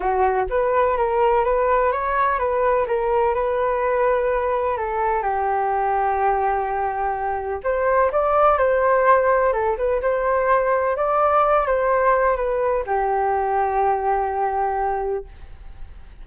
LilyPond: \new Staff \with { instrumentName = "flute" } { \time 4/4 \tempo 4 = 126 fis'4 b'4 ais'4 b'4 | cis''4 b'4 ais'4 b'4~ | b'2 a'4 g'4~ | g'1 |
c''4 d''4 c''2 | a'8 b'8 c''2 d''4~ | d''8 c''4. b'4 g'4~ | g'1 | }